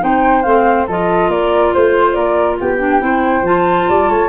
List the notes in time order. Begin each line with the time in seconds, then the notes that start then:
0.00 C4 D#4 C5 G5
0.43 A3 C4 F5
0.87 F3 F4 A4 D#5
1.28 A#3 A#4 D5
1.74 A3 C5
2.13 A#3 A#4 D5
2.60 B3 G4 G5
2.79 D4
3.00 C4 E4 C5
3.43 F3 F4 A5
3.89 G3 D5
4.09 A3 C#5